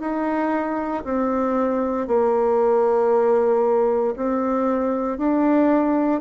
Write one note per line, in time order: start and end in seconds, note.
0.00 1.03 D#4
1.04 2.07 C4
2.07 4.14 A#3
4.16 5.17 C4
5.17 6.21 D4